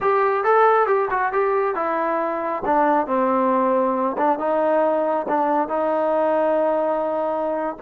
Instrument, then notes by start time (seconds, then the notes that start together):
trombone
0.00 G4
0.44 A4
0.87 G4
1.10 F#4
1.32 G4
1.75 E4
2.65 D4
3.07 C4
4.17 D4
4.38 D#4
5.28 D4
5.68 D#4